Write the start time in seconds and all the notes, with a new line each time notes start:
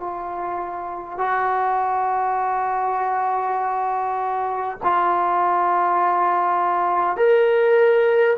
0.00 F4
1.18 F#4
4.83 F4
7.17 A#4